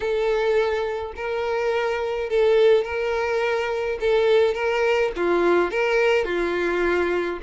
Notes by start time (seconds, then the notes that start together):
0.00 A4
1.16 A#4
2.29 A4
2.84 A#4
4.00 A4
4.54 A#4
5.16 F4
5.70 A#4
6.24 F4